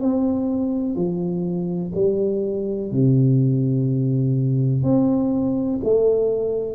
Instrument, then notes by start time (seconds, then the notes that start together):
tuba
0.00 C4
0.95 F3
1.94 G3
2.91 C3
4.83 C4
5.83 A3